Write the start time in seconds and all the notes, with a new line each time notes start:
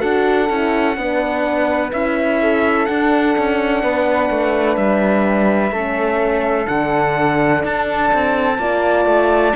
0.00 D4 F#4 A4 F#5
0.49 C#4 E4
0.97 B3 D4 B4
1.92 C#4 E4 E5
2.42 A4
2.86 D4 F#5
3.38 C#4
3.83 B3 B4
4.30 A3
4.77 G3 E5
5.72 A3 C#4 A4
6.66 D3 D4 F#5
7.64 D4 A5
8.14 C4
8.59 A#3 F4 D5
9.06 A3